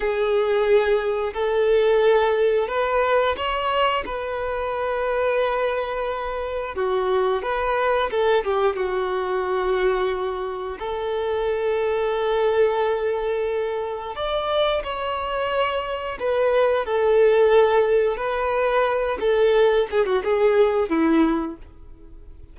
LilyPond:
\new Staff \with { instrumentName = "violin" } { \time 4/4 \tempo 4 = 89 gis'2 a'2 | b'4 cis''4 b'2~ | b'2 fis'4 b'4 | a'8 g'8 fis'2. |
a'1~ | a'4 d''4 cis''2 | b'4 a'2 b'4~ | b'8 a'4 gis'16 fis'16 gis'4 e'4 | }